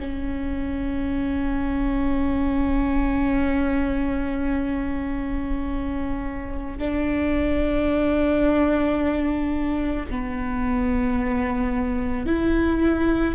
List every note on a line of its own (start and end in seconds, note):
0.00 6.78 C#4
6.78 10.06 D4
10.11 12.26 B3
12.26 13.35 E4